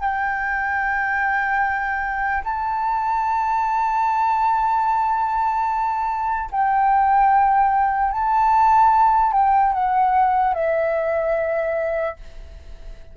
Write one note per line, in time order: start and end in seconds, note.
0.00 2.43 G5
2.44 6.49 A5
6.51 8.12 G5
8.12 9.32 A5
9.32 9.73 G5
9.73 10.54 F#5
10.54 12.16 E5